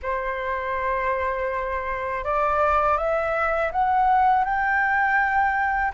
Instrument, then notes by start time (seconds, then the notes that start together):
flute
0.02 C5
2.24 D5
2.97 E5
3.72 F#5
4.44 G5